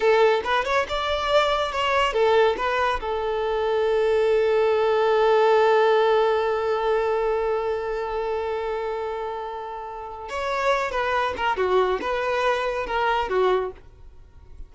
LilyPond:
\new Staff \with { instrumentName = "violin" } { \time 4/4 \tempo 4 = 140 a'4 b'8 cis''8 d''2 | cis''4 a'4 b'4 a'4~ | a'1~ | a'1~ |
a'1~ | a'1 | cis''4. b'4 ais'8 fis'4 | b'2 ais'4 fis'4 | }